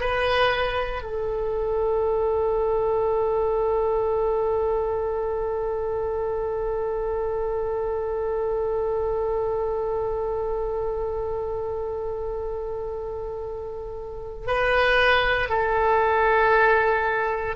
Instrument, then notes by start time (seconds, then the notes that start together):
oboe
0.00 B4
1.03 A4
14.47 B4
15.49 A4